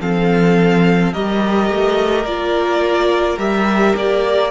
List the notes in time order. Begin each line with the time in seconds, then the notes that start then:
0.00 F3 C4 A4 F5
1.13 G3 G4 A#4 D#5
1.71 A3
2.25 A#3 F4 D5
3.38 G3 G4 E5
3.96 A#3 D5